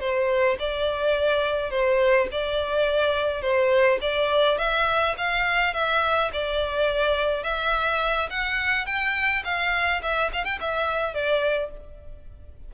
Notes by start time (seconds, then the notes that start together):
0.00 C5
0.59 D5
1.71 C5
2.32 D5
3.42 C5
4.01 D5
4.58 E5
5.18 F5
5.74 E5
6.33 D5
7.43 E5
8.30 F#5
8.86 G5
9.44 F5
10.02 E5
10.33 F5
10.44 G5
10.60 E5
11.14 D5